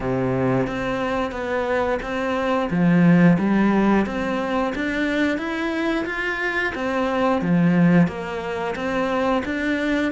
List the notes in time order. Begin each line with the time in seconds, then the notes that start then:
0.00 C3
0.66 C4
1.31 B3
2.02 C4
2.70 F3
3.38 G3
4.06 C4
4.75 D4
5.37 E4
6.05 F4
6.74 C4
7.41 F3
8.07 A#3
8.75 C4
9.45 D4